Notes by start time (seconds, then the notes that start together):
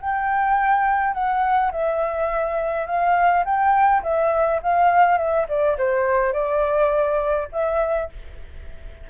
0.00 G5
1.13 F#5
1.71 E5
2.86 F5
3.45 G5
4.03 E5
4.62 F5
5.17 E5
5.48 D5
5.77 C5
6.33 D5
7.52 E5